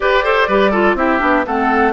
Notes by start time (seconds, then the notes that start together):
0.00 G4 B4 D5
0.23 A4 C5
0.47 G3 G4 B4
0.71 F4 A4
0.94 C4 E4 G4 E5
1.19 B3 D4
1.45 A3 C4 A4 F#5